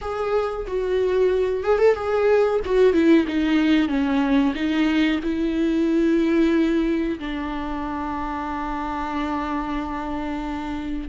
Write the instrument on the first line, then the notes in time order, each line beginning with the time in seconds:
viola
0.01 G#4
0.67 F#4
1.63 G#4
1.78 A4
1.94 G#4
2.65 F#4
2.93 E4
3.27 D#4
3.88 C#4
4.54 D#4
5.23 E4
7.19 D4